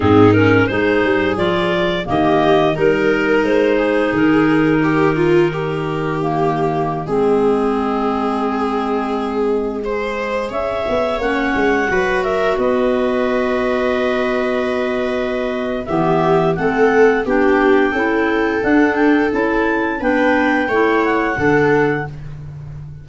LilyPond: <<
  \new Staff \with { instrumentName = "clarinet" } { \time 4/4 \tempo 4 = 87 gis'8 ais'8 c''4 d''4 dis''4 | ais'4 c''4 ais'2~ | ais'4 dis''2.~ | dis''2.~ dis''16 e''8.~ |
e''16 fis''4. e''8 dis''4.~ dis''16~ | dis''2. e''4 | fis''4 g''2 fis''8 g''8 | a''4 g''4. fis''4. | }
  \new Staff \with { instrumentName = "viola" } { \time 4/4 dis'4 gis'2 g'4 | ais'4. gis'4. g'8 f'8 | g'2~ g'16 gis'4.~ gis'16~ | gis'2~ gis'16 c''4 cis''8.~ |
cis''4~ cis''16 b'8 ais'8 b'4.~ b'16~ | b'2. g'4 | a'4 g'4 a'2~ | a'4 b'4 cis''4 a'4 | }
  \new Staff \with { instrumentName = "clarinet" } { \time 4/4 c'8 cis'8 dis'4 f'4 ais4 | dis'1~ | dis'4 ais4~ ais16 c'4.~ c'16~ | c'2~ c'16 gis'4.~ gis'16~ |
gis'16 cis'4 fis'2~ fis'8.~ | fis'2. b4 | c'4 d'4 e'4 d'4 | e'4 d'4 e'4 d'4 | }
  \new Staff \with { instrumentName = "tuba" } { \time 4/4 gis,4 gis8 g8 f4 dis4 | g4 gis4 dis2~ | dis2~ dis16 gis4.~ gis16~ | gis2.~ gis16 cis'8 b16~ |
b16 ais8 gis8 fis4 b4.~ b16~ | b2. e4 | a4 b4 cis'4 d'4 | cis'4 b4 a4 d4 | }
>>